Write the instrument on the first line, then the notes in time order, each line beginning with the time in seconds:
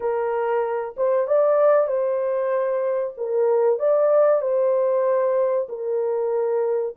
horn
0.00 A#4
0.96 C5
1.27 D5
1.87 C5
3.17 A#4
3.79 D5
4.41 C5
5.68 A#4